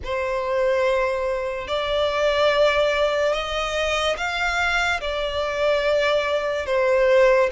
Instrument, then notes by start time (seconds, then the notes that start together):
violin
0.04 C5
1.67 D5
3.33 D#5
4.17 F5
5.00 D5
6.66 C5